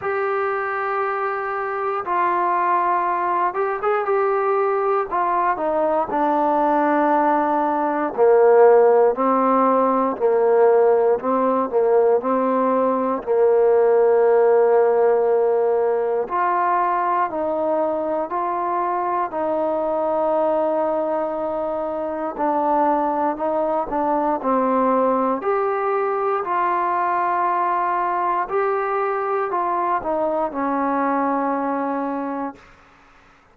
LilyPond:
\new Staff \with { instrumentName = "trombone" } { \time 4/4 \tempo 4 = 59 g'2 f'4. g'16 gis'16 | g'4 f'8 dis'8 d'2 | ais4 c'4 ais4 c'8 ais8 | c'4 ais2. |
f'4 dis'4 f'4 dis'4~ | dis'2 d'4 dis'8 d'8 | c'4 g'4 f'2 | g'4 f'8 dis'8 cis'2 | }